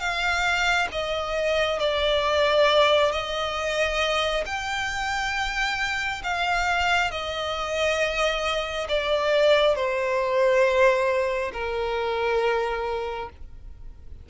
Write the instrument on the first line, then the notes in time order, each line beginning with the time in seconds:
violin
0.00 F5
0.92 D#5
1.80 D5
3.12 D#5
4.46 G5
6.24 F5
7.11 D#5
8.89 D5
9.75 C5
11.53 A#4